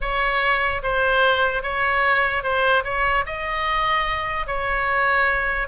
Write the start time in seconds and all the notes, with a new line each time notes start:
0.00 C#5
0.82 C5
1.63 C#5
2.43 C5
2.84 C#5
3.25 D#5
4.46 C#5